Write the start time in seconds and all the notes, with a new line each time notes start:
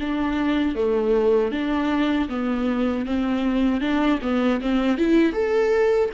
0.00 D4
0.75 A3
1.52 D4
2.29 B3
3.06 C4
3.81 D4
4.22 B3
4.61 C4
4.98 E4
5.33 A4